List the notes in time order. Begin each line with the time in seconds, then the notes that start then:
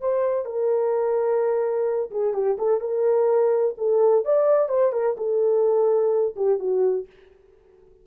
0.00 C5
0.45 A#4
2.10 G#4
2.33 G4
2.58 A4
2.80 A#4
3.77 A4
4.24 D5
4.69 C5
4.92 A#4
5.17 A4
6.35 G4
6.59 F#4